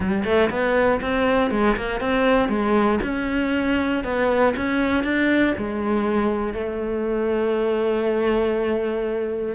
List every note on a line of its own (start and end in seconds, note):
0.00 0.24 G3
0.24 0.49 A3
0.50 1.00 B3
1.01 1.50 C4
1.50 1.76 G#3
1.76 2.00 A#3
2.00 2.48 C4
2.48 2.99 G#3
3.03 4.03 C#4
4.03 4.54 B3
4.56 5.03 C#4
5.03 5.54 D4
5.57 6.53 G#3
6.53 9.55 A3